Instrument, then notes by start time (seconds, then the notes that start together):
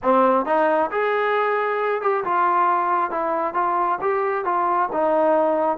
trombone
0.02 C4
0.45 D#4
0.91 G#4
2.01 G4
2.24 F4
3.10 E4
3.54 F4
4.01 G4
4.44 F4
4.92 D#4